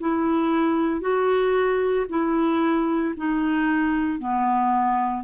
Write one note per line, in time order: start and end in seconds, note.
0.00 1.01 E4
1.01 2.06 F#4
2.09 3.14 E4
3.17 4.19 D#4
4.19 5.23 B3